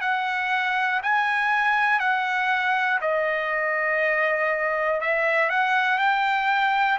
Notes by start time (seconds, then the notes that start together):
0.00 F#5
1.02 G#5
2.00 F#5
3.00 D#5
5.00 E5
5.49 F#5
5.98 G5